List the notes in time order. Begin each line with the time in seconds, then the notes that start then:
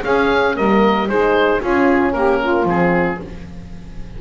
0.00 C#4 G#4 F5
0.55 G3 A#3 A#4 D#5
1.07 G#3 D#4 G#4 C5
1.59 C#4 F4 G#4
2.12 A#3 G4 A#4
2.41 F4
2.65 F3 C4 G#4